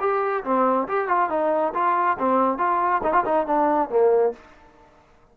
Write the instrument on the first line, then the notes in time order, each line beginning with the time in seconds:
trombone
0.00 G4
0.44 C4
0.88 G4
1.08 F4
1.29 D#4
1.74 F4
2.19 C4
2.58 F4
3.03 D#4
3.13 F4
3.25 D#4
3.46 D4
3.89 A#3